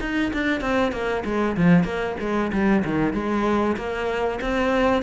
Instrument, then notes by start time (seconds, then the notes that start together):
cello
0.00 D#4
0.33 D4
0.61 C4
0.92 A#3
1.25 G#3
1.56 F3
1.84 A#3
2.20 G#3
2.52 G3
2.85 D#3
3.13 G#3
3.76 A#3
4.41 C4